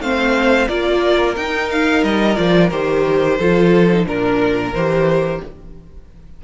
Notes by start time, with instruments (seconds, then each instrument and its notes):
0.00 cello A3, viola C4, violin C5 F5
0.68 cello A#3, viola F4, violin A#4 D5
1.36 cello D#4, viola D#4, violin G5
1.71 violin F5
2.03 cello G3, violin D#5
2.35 cello F3, viola F4, violin D5
2.71 cello D#3, viola G4, violin C5
3.38 cello F3, viola F4, violin A4
3.92 viola D#4
4.05 cello A#2, viola D4, violin A#4
4.72 cello E3, viola G4, violin C5